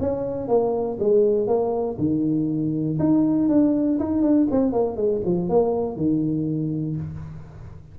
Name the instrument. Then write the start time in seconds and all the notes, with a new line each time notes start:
tuba
0.00 C#4
0.48 A#3
1.00 G#3
1.47 A#3
1.98 D#3
2.99 D#4
3.49 D4
3.99 D#4
4.22 D4
4.51 C4
4.72 A#3
4.96 G#3
5.25 F3
5.49 A#3
5.97 D#3